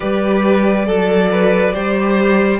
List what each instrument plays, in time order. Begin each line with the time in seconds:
0.00 cello G3, viola G4, violin B4 D5
0.85 cello F#3, violin A4, viola A4
1.31 violin B4
1.72 cello G3, viola G4, violin C5